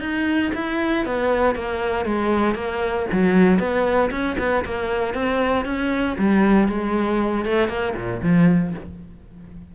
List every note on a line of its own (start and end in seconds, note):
0.00 0.51 D#4
0.54 1.05 E4
1.05 1.55 B3
1.55 2.05 A#3
2.05 2.55 G#3
2.55 3.06 A#3
3.12 3.59 F#3
3.59 4.10 B3
4.11 4.36 C#4
4.38 4.64 B3
4.65 5.14 A#3
5.14 5.65 C4
5.65 6.16 C#4
6.18 6.68 G3
6.68 7.45 G#3
7.45 7.68 A3
7.68 7.94 A#3
7.95 8.21 A#2
8.22 8.74 F3